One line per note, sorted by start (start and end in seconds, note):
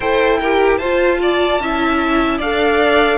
0.00 0.79 E4
0.00 0.41 A4
0.00 0.38 C5
0.00 0.78 G5
0.40 0.81 G4
0.40 0.78 A#4
0.78 1.59 F4
0.78 1.61 F4
0.78 1.18 C5
0.78 2.38 A5
1.22 1.61 D5
1.59 2.39 C#4
1.59 2.42 E4
1.59 2.38 E5
2.38 3.18 D4
2.38 3.18 A4
2.38 3.18 D5
2.38 3.18 F5